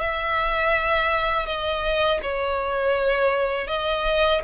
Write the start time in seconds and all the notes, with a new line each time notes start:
0.00 E5
1.45 D#5
2.22 C#5
3.67 D#5